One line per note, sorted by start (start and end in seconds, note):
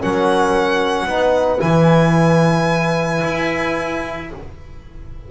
0.00 1.06 F#3
0.00 1.08 C#4
0.00 1.07 A#4
0.00 1.60 F#5
1.06 1.59 B3
1.06 1.59 D#4
1.06 4.28 B4
1.59 3.23 E3
1.59 4.27 E4
1.59 4.28 G#5
3.24 4.31 E4